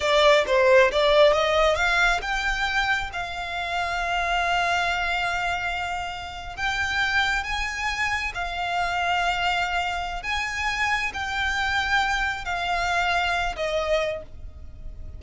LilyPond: \new Staff \with { instrumentName = "violin" } { \time 4/4 \tempo 4 = 135 d''4 c''4 d''4 dis''4 | f''4 g''2 f''4~ | f''1~ | f''2~ f''8. g''4~ g''16~ |
g''8. gis''2 f''4~ f''16~ | f''2. gis''4~ | gis''4 g''2. | f''2~ f''8 dis''4. | }